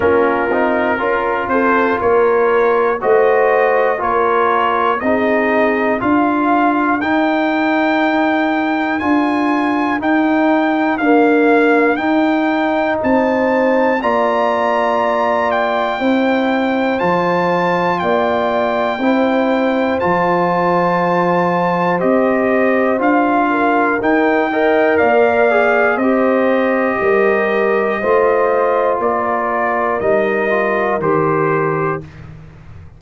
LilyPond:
<<
  \new Staff \with { instrumentName = "trumpet" } { \time 4/4 \tempo 4 = 60 ais'4. c''8 cis''4 dis''4 | cis''4 dis''4 f''4 g''4~ | g''4 gis''4 g''4 f''4 | g''4 a''4 ais''4. g''8~ |
g''4 a''4 g''2 | a''2 dis''4 f''4 | g''4 f''4 dis''2~ | dis''4 d''4 dis''4 c''4 | }
  \new Staff \with { instrumentName = "horn" } { \time 4/4 f'4 ais'8 a'8 ais'4 c''4 | ais'4 gis'4 ais'2~ | ais'1~ | ais'4 c''4 d''2 |
c''2 d''4 c''4~ | c''2.~ c''8 ais'8~ | ais'8 dis''8 d''4 c''4 ais'4 | c''4 ais'2. | }
  \new Staff \with { instrumentName = "trombone" } { \time 4/4 cis'8 dis'8 f'2 fis'4 | f'4 dis'4 f'4 dis'4~ | dis'4 f'4 dis'4 ais4 | dis'2 f'2 |
e'4 f'2 e'4 | f'2 g'4 f'4 | dis'8 ais'4 gis'8 g'2 | f'2 dis'8 f'8 g'4 | }
  \new Staff \with { instrumentName = "tuba" } { \time 4/4 ais8 c'8 cis'8 c'8 ais4 a4 | ais4 c'4 d'4 dis'4~ | dis'4 d'4 dis'4 d'4 | dis'4 c'4 ais2 |
c'4 f4 ais4 c'4 | f2 c'4 d'4 | dis'4 ais4 c'4 g4 | a4 ais4 g4 dis4 | }
>>